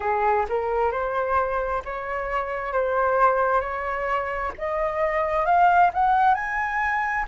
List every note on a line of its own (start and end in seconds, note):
0.00 0.45 G#4
0.48 0.91 A#4
0.91 1.82 C5
1.84 2.72 C#5
2.72 3.60 C5
3.60 4.51 C#5
4.57 5.45 D#5
5.45 5.90 F5
5.93 6.34 F#5
6.34 7.25 G#5